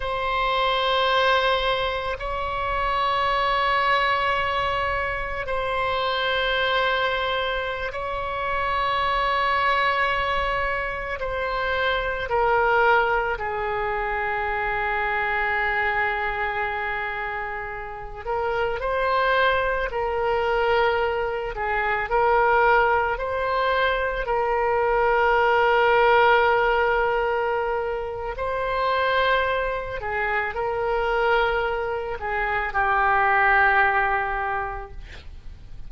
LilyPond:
\new Staff \with { instrumentName = "oboe" } { \time 4/4 \tempo 4 = 55 c''2 cis''2~ | cis''4 c''2~ c''16 cis''8.~ | cis''2~ cis''16 c''4 ais'8.~ | ais'16 gis'2.~ gis'8.~ |
gis'8. ais'8 c''4 ais'4. gis'16~ | gis'16 ais'4 c''4 ais'4.~ ais'16~ | ais'2 c''4. gis'8 | ais'4. gis'8 g'2 | }